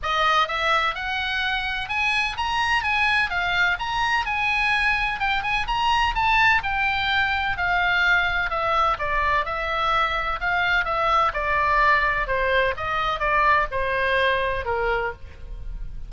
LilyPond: \new Staff \with { instrumentName = "oboe" } { \time 4/4 \tempo 4 = 127 dis''4 e''4 fis''2 | gis''4 ais''4 gis''4 f''4 | ais''4 gis''2 g''8 gis''8 | ais''4 a''4 g''2 |
f''2 e''4 d''4 | e''2 f''4 e''4 | d''2 c''4 dis''4 | d''4 c''2 ais'4 | }